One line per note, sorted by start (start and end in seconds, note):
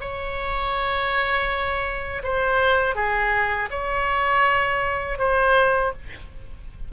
0.00 2.22 C#5
2.23 2.95 C5
2.95 3.69 G#4
3.70 5.18 C#5
5.18 5.92 C5